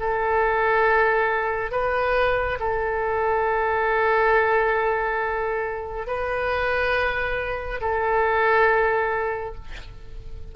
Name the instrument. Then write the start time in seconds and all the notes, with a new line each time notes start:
oboe
0.00 A4
1.72 B4
2.60 A4
6.07 B4
7.81 A4